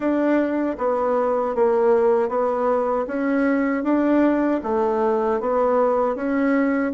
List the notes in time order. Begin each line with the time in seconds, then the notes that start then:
0.00 D4
0.78 B3
1.55 A#3
2.28 B3
3.07 C#4
3.83 D4
4.63 A3
5.40 B3
6.15 C#4